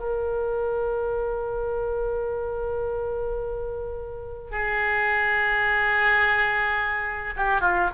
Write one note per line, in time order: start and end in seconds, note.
0.00 4.51 A#4
4.51 7.34 G#4
7.37 7.61 G4
7.61 7.89 F4